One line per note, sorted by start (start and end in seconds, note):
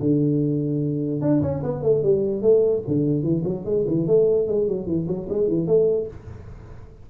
0.00 1.21 D3
1.21 1.42 D4
1.42 1.62 C#4
1.63 1.83 B3
1.83 2.03 A3
2.03 2.42 G3
2.42 2.82 A3
2.87 3.23 D3
3.23 3.43 E3
3.45 3.65 F#3
3.65 3.85 G#3
3.87 4.07 E3
4.07 4.47 A3
4.47 4.68 G#3
4.68 4.86 F#3
4.86 5.07 E3
5.08 5.28 F#3
5.30 5.48 G#3
5.48 5.67 E3
5.67 6.07 A3